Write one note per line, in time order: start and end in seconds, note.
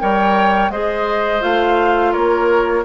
0.00 0.70 G3
0.00 0.71 A#4
0.00 0.72 C#5
0.00 0.71 G5
0.70 1.42 G#3
0.70 1.41 G#4
0.70 2.12 C5
0.70 1.43 D#5
1.41 2.15 A3
1.41 2.84 F4
1.41 2.13 F5
2.12 2.85 A#3
2.12 2.84 A#4
2.12 2.84 C#5